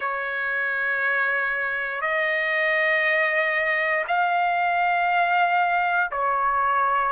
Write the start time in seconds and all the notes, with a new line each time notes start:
0.00 C#5
2.01 D#5
4.07 F5
6.11 C#5